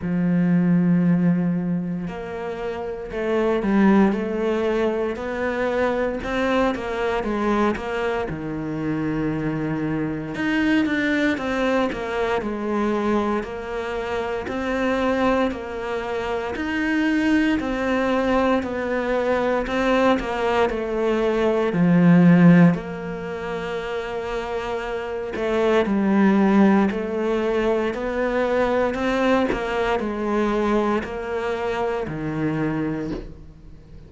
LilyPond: \new Staff \with { instrumentName = "cello" } { \time 4/4 \tempo 4 = 58 f2 ais4 a8 g8 | a4 b4 c'8 ais8 gis8 ais8 | dis2 dis'8 d'8 c'8 ais8 | gis4 ais4 c'4 ais4 |
dis'4 c'4 b4 c'8 ais8 | a4 f4 ais2~ | ais8 a8 g4 a4 b4 | c'8 ais8 gis4 ais4 dis4 | }